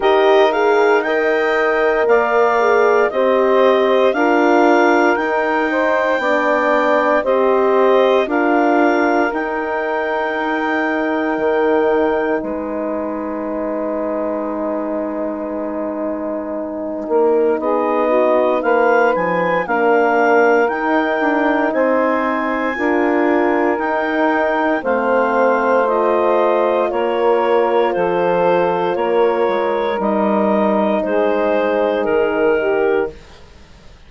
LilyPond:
<<
  \new Staff \with { instrumentName = "clarinet" } { \time 4/4 \tempo 4 = 58 dis''8 f''8 g''4 f''4 dis''4 | f''4 g''2 dis''4 | f''4 g''2. | gis''1~ |
gis''4 dis''4 f''8 gis''8 f''4 | g''4 gis''2 g''4 | f''4 dis''4 cis''4 c''4 | cis''4 dis''4 c''4 ais'4 | }
  \new Staff \with { instrumentName = "saxophone" } { \time 4/4 ais'4 dis''4 d''4 c''4 | ais'4. c''8 d''4 c''4 | ais'1 | b'1~ |
b'8 ais'8 gis'8 fis'8 b'4 ais'4~ | ais'4 c''4 ais'2 | c''2 ais'4 a'4 | ais'2 gis'4. g'8 | }
  \new Staff \with { instrumentName = "horn" } { \time 4/4 g'8 gis'8 ais'4. gis'8 g'4 | f'4 dis'4 d'4 g'4 | f'4 dis'2.~ | dis'1~ |
dis'2. d'4 | dis'2 f'4 dis'4 | c'4 f'2.~ | f'4 dis'2. | }
  \new Staff \with { instrumentName = "bassoon" } { \time 4/4 dis'2 ais4 c'4 | d'4 dis'4 b4 c'4 | d'4 dis'2 dis4 | gis1~ |
gis8 ais8 b4 ais8 f8 ais4 | dis'8 d'8 c'4 d'4 dis'4 | a2 ais4 f4 | ais8 gis8 g4 gis4 dis4 | }
>>